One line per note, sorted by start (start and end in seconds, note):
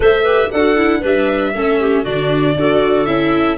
0.00 0.48 A3
0.00 0.22 A4
0.00 0.23 C5
0.00 0.51 E5
0.23 0.51 G4
0.23 0.49 B4
0.51 1.03 D4
0.51 0.76 F#4
0.51 1.00 A4
0.51 1.02 F#5
0.76 1.01 E4
1.00 1.54 G3
1.00 1.52 D4
1.00 1.51 B4
1.00 2.04 E5
1.54 2.05 A3
1.54 2.05 C#4
1.54 1.80 A4
1.80 2.02 G4
2.02 2.55 D3
2.02 2.56 D4
2.02 2.53 F#4
2.02 3.05 D5
2.55 3.06 D4
2.55 3.06 F#4
2.55 3.58 A4
3.05 3.58 C#4
3.05 3.57 E4
3.05 3.57 E5